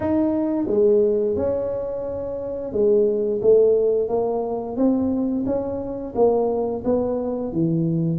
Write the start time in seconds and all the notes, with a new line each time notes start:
0.00 D#4
0.67 G#3
1.36 C#4
2.72 G#3
3.41 A3
4.08 A#3
4.76 C4
5.45 C#4
6.15 A#3
6.84 B3
7.52 E3